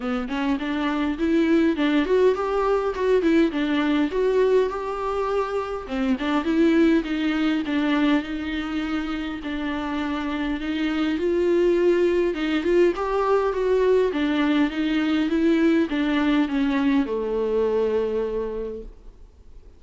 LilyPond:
\new Staff \with { instrumentName = "viola" } { \time 4/4 \tempo 4 = 102 b8 cis'8 d'4 e'4 d'8 fis'8 | g'4 fis'8 e'8 d'4 fis'4 | g'2 c'8 d'8 e'4 | dis'4 d'4 dis'2 |
d'2 dis'4 f'4~ | f'4 dis'8 f'8 g'4 fis'4 | d'4 dis'4 e'4 d'4 | cis'4 a2. | }